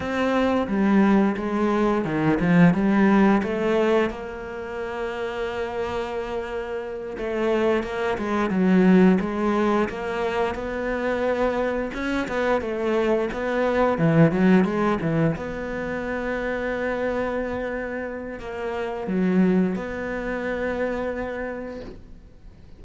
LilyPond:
\new Staff \with { instrumentName = "cello" } { \time 4/4 \tempo 4 = 88 c'4 g4 gis4 dis8 f8 | g4 a4 ais2~ | ais2~ ais8 a4 ais8 | gis8 fis4 gis4 ais4 b8~ |
b4. cis'8 b8 a4 b8~ | b8 e8 fis8 gis8 e8 b4.~ | b2. ais4 | fis4 b2. | }